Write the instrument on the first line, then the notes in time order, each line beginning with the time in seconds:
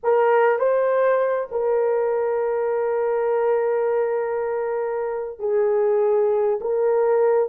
horn
0.03 A#4
0.58 C5
1.51 A#4
5.39 G#4
6.60 A#4